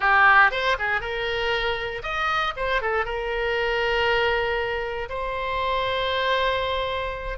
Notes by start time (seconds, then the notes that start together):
0.00 G4
0.51 C5
0.79 G#4
1.00 A#4
2.02 D#5
2.56 C5
2.81 A4
3.05 A#4
5.09 C5